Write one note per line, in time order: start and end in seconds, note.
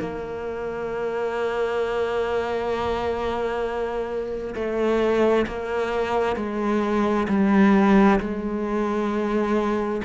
0.00 4.55 A#3
4.55 5.46 A3
5.47 6.36 A#3
6.36 7.27 G#3
7.29 8.19 G3
8.20 10.02 G#3